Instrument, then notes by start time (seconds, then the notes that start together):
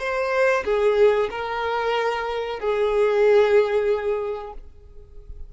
violin
0.00 C5
0.65 G#4
1.31 A#4
2.60 G#4